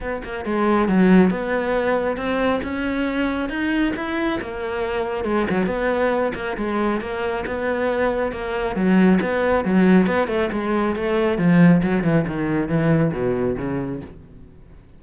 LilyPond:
\new Staff \with { instrumentName = "cello" } { \time 4/4 \tempo 4 = 137 b8 ais8 gis4 fis4 b4~ | b4 c'4 cis'2 | dis'4 e'4 ais2 | gis8 fis8 b4. ais8 gis4 |
ais4 b2 ais4 | fis4 b4 fis4 b8 a8 | gis4 a4 f4 fis8 e8 | dis4 e4 b,4 cis4 | }